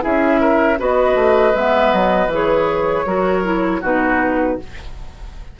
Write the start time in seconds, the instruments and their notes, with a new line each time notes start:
0.00 bassoon C#4, clarinet E4, oboe G#4, flute E5
0.40 oboe A#4
0.78 bassoon B3, clarinet F#4, oboe B4, flute D#5
1.15 bassoon A3
1.54 bassoon G#3, clarinet B3, flute E5
1.92 bassoon F#3, flute D#5
2.27 bassoon E3, clarinet G#4
2.34 flute C#5
3.06 bassoon F#3, clarinet F#4, oboe A#4
3.43 clarinet E4
3.80 bassoon B2, clarinet D#4, oboe F#4, flute B4